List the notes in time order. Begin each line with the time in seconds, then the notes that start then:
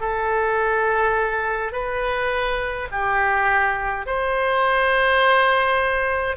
0.00 A4
1.72 B4
2.91 G4
4.06 C5